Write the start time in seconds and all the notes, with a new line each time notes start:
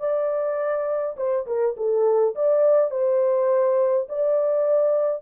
0.00 D5
1.17 C5
1.47 A#4
1.77 A4
2.36 D5
2.92 C5
4.09 D5